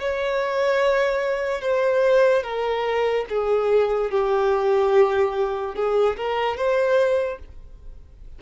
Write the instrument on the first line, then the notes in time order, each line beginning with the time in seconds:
violin
0.00 C#5
1.61 C5
2.43 A#4
3.29 G#4
4.11 G4
5.75 G#4
6.16 A#4
6.56 C5